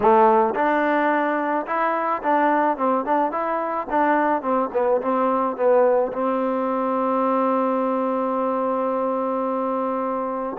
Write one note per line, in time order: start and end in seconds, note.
0.00 0.54 A3
0.54 1.65 D4
1.66 2.21 E4
2.22 2.77 D4
2.77 3.05 C4
3.05 3.31 D4
3.31 3.87 E4
3.89 4.42 D4
4.42 4.69 C4
4.73 5.01 B3
5.01 5.56 C4
5.56 6.12 B3
6.12 10.56 C4